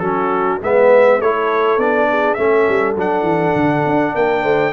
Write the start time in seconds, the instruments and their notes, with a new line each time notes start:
0.00 tuba F#3, trombone C#4, horn F#4, trumpet A4
0.62 tuba G#3, trombone B3, horn B4, trumpet E5
1.21 tuba A3, trombone E4, horn A4, trumpet C#5
1.78 tuba B3, trombone D4, trumpet D5
2.10 horn G#4
2.34 tuba A3, trombone C#4, horn A4, trumpet E5
2.69 tuba G3
2.96 tuba F#3, trombone D4, trumpet F#5
3.22 tuba E3
3.56 tuba D3
3.86 tuba D4
4.15 tuba A#3, horn A#4, trumpet G5
4.42 tuba A3, horn C5